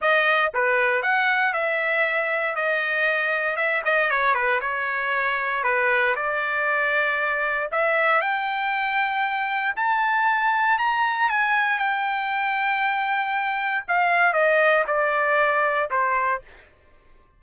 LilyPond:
\new Staff \with { instrumentName = "trumpet" } { \time 4/4 \tempo 4 = 117 dis''4 b'4 fis''4 e''4~ | e''4 dis''2 e''8 dis''8 | cis''8 b'8 cis''2 b'4 | d''2. e''4 |
g''2. a''4~ | a''4 ais''4 gis''4 g''4~ | g''2. f''4 | dis''4 d''2 c''4 | }